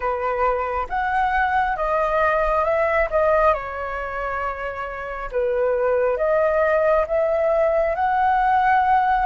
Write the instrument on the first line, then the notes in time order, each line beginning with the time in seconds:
flute
0.00 B4
0.89 F#5
1.76 D#5
2.64 E5
3.10 D#5
3.53 C#5
5.31 B4
6.17 D#5
7.07 E5
7.95 F#5